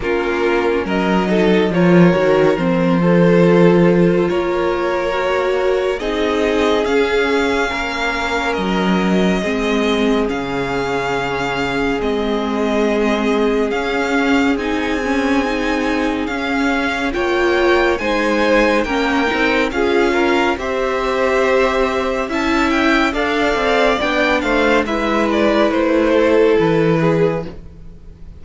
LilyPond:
<<
  \new Staff \with { instrumentName = "violin" } { \time 4/4 \tempo 4 = 70 ais'4 dis''4 cis''4 c''4~ | c''4 cis''2 dis''4 | f''2 dis''2 | f''2 dis''2 |
f''4 gis''2 f''4 | g''4 gis''4 g''4 f''4 | e''2 a''8 g''8 f''4 | g''8 f''8 e''8 d''8 c''4 b'4 | }
  \new Staff \with { instrumentName = "violin" } { \time 4/4 f'4 ais'8 a'8 ais'4. a'8~ | a'4 ais'2 gis'4~ | gis'4 ais'2 gis'4~ | gis'1~ |
gis'1 | cis''4 c''4 ais'4 gis'8 ais'8 | c''2 e''4 d''4~ | d''8 c''8 b'4. a'4 gis'8 | }
  \new Staff \with { instrumentName = "viola" } { \time 4/4 cis'4. dis'8 f'8 fis'8 c'8 f'8~ | f'2 fis'4 dis'4 | cis'2. c'4 | cis'2 c'2 |
cis'4 dis'8 cis'8 dis'4 cis'4 | f'4 dis'4 cis'8 dis'8 f'4 | g'2 e'4 a'4 | d'4 e'2. | }
  \new Staff \with { instrumentName = "cello" } { \time 4/4 ais4 fis4 f8 dis8 f4~ | f4 ais2 c'4 | cis'4 ais4 fis4 gis4 | cis2 gis2 |
cis'4 c'2 cis'4 | ais4 gis4 ais8 c'8 cis'4 | c'2 cis'4 d'8 c'8 | b8 a8 gis4 a4 e4 | }
>>